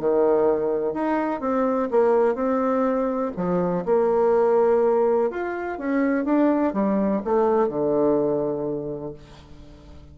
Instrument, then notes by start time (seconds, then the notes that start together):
bassoon
0.00 D#3
0.94 D#4
1.41 C4
1.91 A#3
2.35 C4
3.37 F3
3.85 A#3
5.31 F4
5.79 C#4
6.25 D4
6.73 G3
7.25 A3
7.68 D3